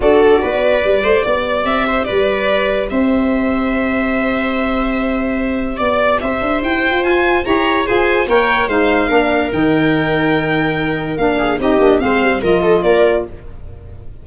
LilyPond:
<<
  \new Staff \with { instrumentName = "violin" } { \time 4/4 \tempo 4 = 145 d''1 | e''4 d''2 e''4~ | e''1~ | e''2 d''4 e''4 |
g''4 gis''4 ais''4 gis''4 | g''4 f''2 g''4~ | g''2. f''4 | dis''4 f''4 dis''4 d''4 | }
  \new Staff \with { instrumentName = "viola" } { \time 4/4 a'4 b'4. c''8 d''4~ | d''8 c''8 b'2 c''4~ | c''1~ | c''2 d''4 c''4~ |
c''2 cis''4 c''4 | cis''4 c''4 ais'2~ | ais'2.~ ais'8 gis'8 | g'4 c''4 ais'8 a'8 ais'4 | }
  \new Staff \with { instrumentName = "saxophone" } { \time 4/4 fis'2 g'2~ | g'1~ | g'1~ | g'1~ |
g'4 f'4 g'4 gis'4 | ais'4 dis'4 d'4 dis'4~ | dis'2. d'4 | dis'8 d'8 c'4 f'2 | }
  \new Staff \with { instrumentName = "tuba" } { \time 4/4 d'4 b4 g8 a8 b4 | c'4 g2 c'4~ | c'1~ | c'2 b4 c'8 d'8 |
e'8. f'4~ f'16 e'4 f'4 | ais4 gis4 ais4 dis4~ | dis2. ais4 | c'8 ais8 gis8 g8 f4 ais4 | }
>>